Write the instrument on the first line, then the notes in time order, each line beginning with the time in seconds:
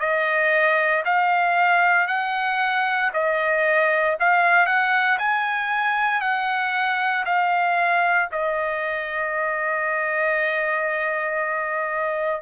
trumpet
0.00 D#5
1.05 F5
2.07 F#5
3.14 D#5
4.20 F5
4.66 F#5
5.19 G#5
6.21 F#5
7.26 F5
8.32 D#5